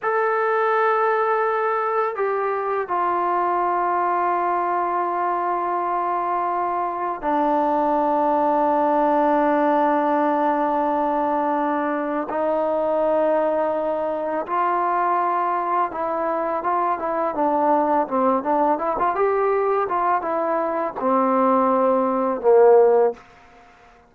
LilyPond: \new Staff \with { instrumentName = "trombone" } { \time 4/4 \tempo 4 = 83 a'2. g'4 | f'1~ | f'2 d'2~ | d'1~ |
d'4 dis'2. | f'2 e'4 f'8 e'8 | d'4 c'8 d'8 e'16 f'16 g'4 f'8 | e'4 c'2 ais4 | }